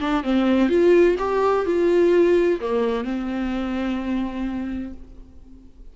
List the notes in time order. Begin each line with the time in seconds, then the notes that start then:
0.00 D4
0.23 C4
0.69 F4
1.18 G4
1.65 F4
2.60 A#3
3.04 C4